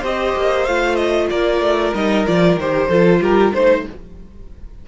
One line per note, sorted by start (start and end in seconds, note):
0.00 0.35 C4
0.00 0.67 G4
0.00 1.28 C5
0.00 0.65 D#5
0.36 0.68 A#3
0.65 1.32 A3
0.65 1.95 F4
0.65 0.96 F5
0.96 1.28 D#5
1.30 1.61 A#3
1.30 2.88 A#4
1.30 1.94 D5
1.61 1.93 A3
1.94 2.27 G3
1.94 2.27 D#4
1.94 2.26 D#5
2.27 2.57 F3
2.27 2.59 F4
2.27 2.59 D5
2.57 2.88 D#3
2.57 2.91 G4
2.57 3.23 C5
2.88 3.21 F3
2.88 3.55 F4
2.88 3.20 A4
3.21 3.53 G3
3.21 3.53 G4
3.21 3.55 A#4
3.54 3.87 A3
3.54 3.89 D#4
3.54 3.86 C5
3.54 3.87 C5